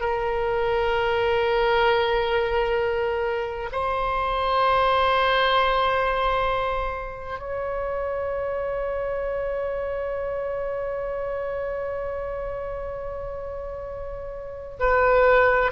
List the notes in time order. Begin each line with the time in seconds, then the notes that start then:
0.00 A#4
3.72 C5
7.39 C#5
14.79 B4